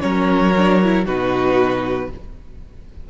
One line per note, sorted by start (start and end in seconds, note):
0.00 1.07 F#3
0.00 0.52 C#4
0.00 1.05 A#4
0.00 1.04 C#5
0.57 0.83 D4
0.83 1.05 E4
1.05 2.10 B2
1.05 2.09 D#4
1.05 2.09 F#4
1.05 2.11 B4